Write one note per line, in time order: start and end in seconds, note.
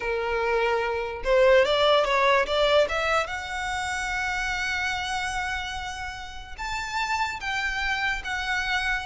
0.00 1.22 A#4
1.24 1.65 C5
1.65 2.05 D5
2.05 2.46 C#5
2.46 2.87 D5
2.89 3.26 E5
3.26 6.55 F#5
6.58 7.40 A5
7.40 8.22 G5
8.24 9.05 F#5